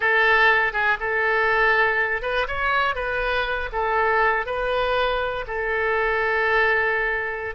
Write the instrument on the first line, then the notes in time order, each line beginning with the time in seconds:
oboe
0.00 A4
0.72 G#4
0.99 A4
2.22 B4
2.47 C#5
2.95 B4
3.72 A4
4.45 B4
5.47 A4